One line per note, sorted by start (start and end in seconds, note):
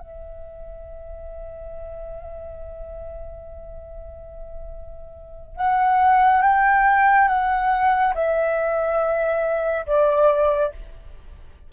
0.00 5.56 E5
5.56 6.42 F#5
6.42 7.28 G5
7.28 8.14 F#5
8.15 9.86 E5
9.86 10.72 D5